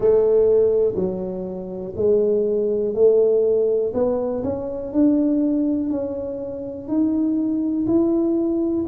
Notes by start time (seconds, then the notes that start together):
0.00 A3
0.95 F#3
1.96 G#3
2.94 A3
3.93 B3
4.43 C#4
4.92 D4
5.90 C#4
6.88 D#4
7.86 E4